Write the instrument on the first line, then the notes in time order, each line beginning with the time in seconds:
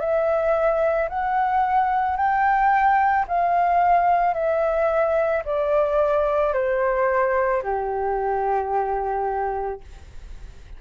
flute
0.00 E5
1.10 F#5
2.17 G5
3.28 F5
4.34 E5
5.45 D5
6.54 C5
7.63 G4